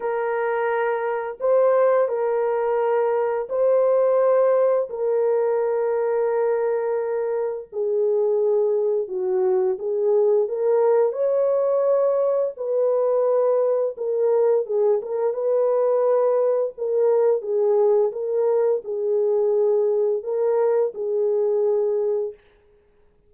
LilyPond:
\new Staff \with { instrumentName = "horn" } { \time 4/4 \tempo 4 = 86 ais'2 c''4 ais'4~ | ais'4 c''2 ais'4~ | ais'2. gis'4~ | gis'4 fis'4 gis'4 ais'4 |
cis''2 b'2 | ais'4 gis'8 ais'8 b'2 | ais'4 gis'4 ais'4 gis'4~ | gis'4 ais'4 gis'2 | }